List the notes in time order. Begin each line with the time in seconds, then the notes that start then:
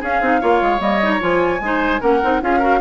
0.00 C#4 G#4 F5
0.21 C4 D#4
0.41 A#3 F4 C#5
0.61 G#3
0.79 G3 A#3 D#5
1.02 D#4
1.10 A#5
1.20 F3 F4 G#5
1.60 G#3 D#4 C5
2.00 A#3 C#4 A#4 F#5
2.23 C4 D#4
2.41 C#4 F4 G#4 F5
2.59 F#4 A#4